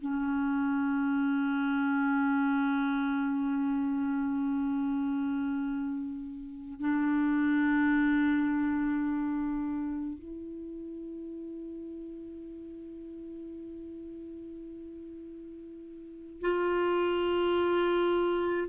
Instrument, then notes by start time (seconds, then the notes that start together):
clarinet
0.00 C#4
6.80 D4
10.18 E4
16.41 F4